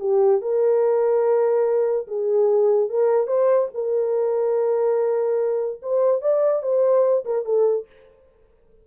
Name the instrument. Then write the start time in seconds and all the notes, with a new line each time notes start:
horn
0.00 G4
0.41 A#4
2.07 G#4
2.90 A#4
3.27 C5
3.74 A#4
5.82 C5
6.21 D5
6.63 C5
7.25 A#4
7.45 A4